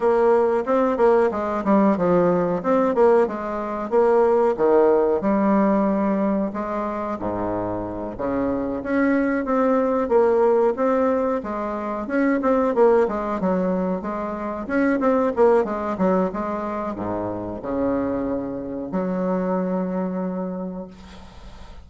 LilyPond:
\new Staff \with { instrumentName = "bassoon" } { \time 4/4 \tempo 4 = 92 ais4 c'8 ais8 gis8 g8 f4 | c'8 ais8 gis4 ais4 dis4 | g2 gis4 gis,4~ | gis,8 cis4 cis'4 c'4 ais8~ |
ais8 c'4 gis4 cis'8 c'8 ais8 | gis8 fis4 gis4 cis'8 c'8 ais8 | gis8 fis8 gis4 gis,4 cis4~ | cis4 fis2. | }